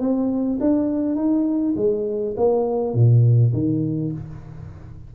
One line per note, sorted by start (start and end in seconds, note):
0.00 0.59 C4
0.60 1.16 D4
1.16 1.75 D#4
1.76 2.35 G#3
2.37 2.94 A#3
2.94 3.53 A#2
3.53 4.12 D#3